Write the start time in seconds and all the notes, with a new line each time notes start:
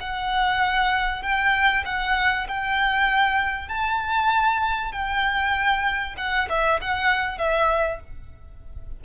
0.00 F#5
1.22 G5
1.85 F#5
2.48 G5
3.69 A5
4.92 G5
6.17 F#5
6.49 E5
6.82 F#5
7.38 E5